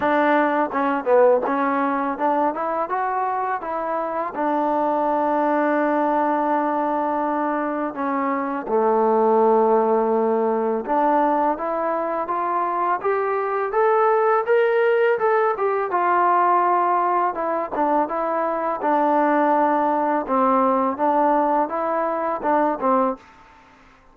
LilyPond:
\new Staff \with { instrumentName = "trombone" } { \time 4/4 \tempo 4 = 83 d'4 cis'8 b8 cis'4 d'8 e'8 | fis'4 e'4 d'2~ | d'2. cis'4 | a2. d'4 |
e'4 f'4 g'4 a'4 | ais'4 a'8 g'8 f'2 | e'8 d'8 e'4 d'2 | c'4 d'4 e'4 d'8 c'8 | }